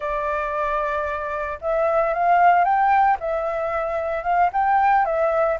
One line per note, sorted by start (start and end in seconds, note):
0.00 1.59 D5
1.61 2.13 E5
2.13 2.64 F5
2.64 3.17 G5
3.20 4.23 E5
4.23 4.50 F5
4.53 5.05 G5
5.05 5.58 E5